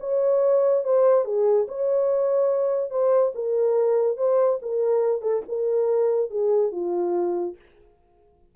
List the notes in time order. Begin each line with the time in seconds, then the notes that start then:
0.00 C#5
0.84 C5
1.25 G#4
1.68 C#5
2.90 C5
3.35 A#4
4.17 C5
4.62 A#4
5.21 A4
5.48 A#4
6.31 G#4
6.72 F4